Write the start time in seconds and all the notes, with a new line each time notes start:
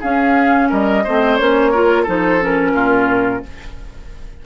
0.00 C#4 G#4 F5
0.69 G3 A#4 D#5
1.04 A3 C4 C5
1.36 A#3 C#4 C#5
1.72 F4 A#4
2.03 F3 D#4 A4
2.09 C5
2.41 C#4 A#4
2.74 A#2 F4